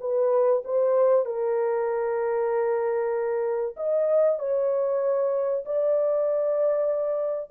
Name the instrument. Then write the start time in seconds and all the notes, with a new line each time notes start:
horn
0.00 B4
0.65 C5
1.25 A#4
3.77 D#5
4.39 C#5
5.65 D5